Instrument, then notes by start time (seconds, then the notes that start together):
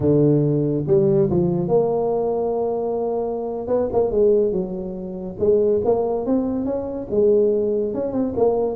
tuba
0.00 D3
0.87 G3
1.30 F3
1.68 A#3
3.67 B3
3.92 A#3
4.10 G#3
4.52 F#3
5.39 G#3
5.84 A#3
6.26 C4
6.65 C#4
7.10 G#3
7.93 C#4
8.12 C4
8.36 A#3